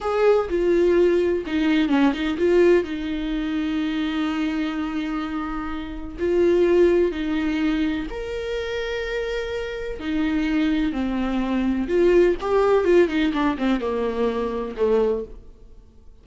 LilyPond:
\new Staff \with { instrumentName = "viola" } { \time 4/4 \tempo 4 = 126 gis'4 f'2 dis'4 | cis'8 dis'8 f'4 dis'2~ | dis'1~ | dis'4 f'2 dis'4~ |
dis'4 ais'2.~ | ais'4 dis'2 c'4~ | c'4 f'4 g'4 f'8 dis'8 | d'8 c'8 ais2 a4 | }